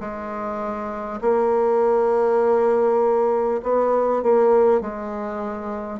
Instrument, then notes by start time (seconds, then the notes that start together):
bassoon
0.00 G#3
1.22 A#3
3.63 B3
4.23 A#3
4.81 G#3